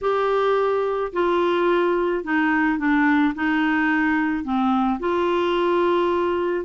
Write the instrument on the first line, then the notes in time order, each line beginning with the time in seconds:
clarinet
0.01 G4
1.12 F4
2.24 D#4
2.78 D4
3.35 D#4
4.43 C4
4.99 F4